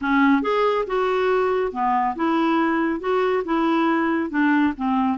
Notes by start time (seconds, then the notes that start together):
0.01 C#4
0.42 G#4
0.86 F#4
1.72 B3
2.15 E4
3.00 F#4
3.44 E4
4.29 D4
4.76 C4